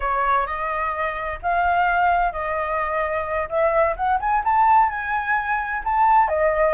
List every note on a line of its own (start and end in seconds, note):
0.00 0.46 C#5
0.46 1.39 D#5
1.42 2.32 F5
2.32 3.48 D#5
3.49 3.95 E5
3.96 4.19 F#5
4.20 4.43 G#5
4.44 4.89 A5
4.89 5.82 G#5
5.84 6.28 A5
6.28 6.73 D#5